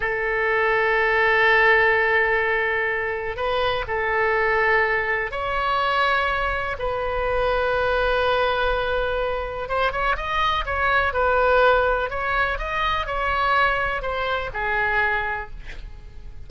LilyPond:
\new Staff \with { instrumentName = "oboe" } { \time 4/4 \tempo 4 = 124 a'1~ | a'2. b'4 | a'2. cis''4~ | cis''2 b'2~ |
b'1 | c''8 cis''8 dis''4 cis''4 b'4~ | b'4 cis''4 dis''4 cis''4~ | cis''4 c''4 gis'2 | }